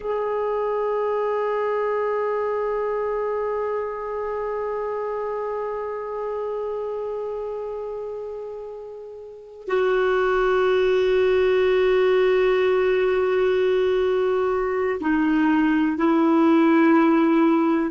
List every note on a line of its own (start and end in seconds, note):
0.00 9.67 G#4
9.67 15.00 F#4
15.00 15.97 D#4
15.97 17.90 E4